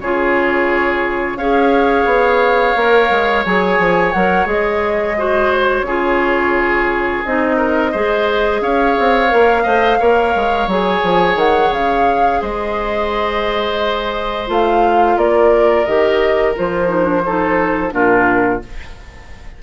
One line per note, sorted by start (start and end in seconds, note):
0.00 1.36 C#3
0.00 1.39 F4
0.00 1.38 G#4
0.00 1.37 C#5
1.36 2.05 C#4
1.36 2.77 G#4
1.36 5.17 C#5
1.36 3.44 F5
2.05 2.74 B3
2.76 3.10 A#3
2.76 3.46 A#4
3.10 3.45 G#3
3.45 3.79 F#3
3.45 4.15 G#4
3.45 4.12 G#5
3.79 4.13 F3
4.12 4.46 F#3
4.12 4.46 A#4
4.12 4.47 F#5
4.46 5.82 G#3
4.46 5.15 G#4
4.46 5.52 D#5
5.17 5.86 F#4
5.17 5.86 C5
5.52 7.24 C#5
5.82 7.20 C#3
5.82 7.25 F4
5.82 7.56 G#4
7.25 7.94 C4
7.25 7.94 D#4
7.25 8.62 D#5
7.56 7.91 A#4
7.92 8.61 G#3
7.92 9.28 G#4
7.92 8.61 C5
8.61 8.96 C#4
8.61 9.63 C#5
8.61 10.69 F5
8.99 9.33 C4
9.28 9.65 A#3
9.28 9.63 A#4
9.63 10.00 A3
9.63 10.00 C5
9.63 9.98 D#5
9.99 10.35 A#3
9.99 10.69 A#4
9.99 12.41 C#5
10.35 10.67 G#3
10.67 11.01 F#3
10.67 14.47 G#4
10.67 11.38 G#5
11.03 11.35 F3
11.35 11.70 D#3
11.35 11.73 F#5
11.71 12.40 C#3
11.71 12.42 F5
12.41 14.49 G#3
12.41 15.17 C5
12.41 14.48 D#5
14.47 15.17 A3
14.47 15.85 F4
14.47 15.18 F5
15.17 15.85 A#3
15.17 17.24 A#4
15.17 15.85 D5
15.85 16.56 D#3
15.85 16.56 G4
15.85 16.54 D#5
16.56 17.93 F3
16.56 16.89 F4
16.56 17.93 C5
16.89 17.04 D#4
17.04 17.21 D4
17.25 17.91 D#4
17.25 17.94 A4
17.91 18.61 A#2
17.91 18.60 D4
17.91 18.63 F4
17.91 18.61 A#4